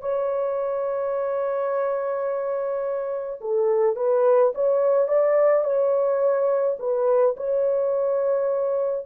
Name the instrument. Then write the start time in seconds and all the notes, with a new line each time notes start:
horn
0.00 C#5
3.40 A4
3.96 B4
4.54 C#5
5.07 D5
5.63 C#5
6.79 B4
7.36 C#5